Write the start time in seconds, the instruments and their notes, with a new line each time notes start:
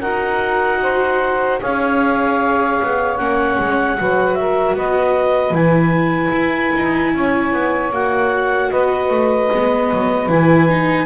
0.00 double bass D#4, viola F#4, saxophone A#4, clarinet F#5
0.82 saxophone C5
1.61 double bass C#4, viola G#4, saxophone C#5, clarinet F5
2.82 double bass B3
3.16 double bass A#3, viola C#4, clarinet F#5
3.59 double bass G#3
3.98 double bass F#3, viola F#4, saxophone B4
4.35 saxophone A#4, clarinet E5
4.74 double bass B3, saxophone B4, clarinet D#5
5.51 double bass E3, viola E4, clarinet G#5
6.32 double bass E4
6.76 double bass D#4
7.14 double bass C#4, saxophone C#5
7.53 double bass B3
7.92 double bass A#3, viola F#4, clarinet F#5
8.70 double bass B3, saxophone B4, clarinet D#5
9.10 double bass A3
9.52 double bass G#3, viola B3
9.92 double bass F#3
10.29 double bass E3, viola E4, clarinet G#5
10.69 viola D#4